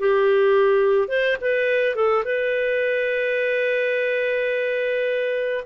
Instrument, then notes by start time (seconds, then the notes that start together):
clarinet
0.00 G4
1.09 C5
1.42 B4
1.96 A4
2.25 B4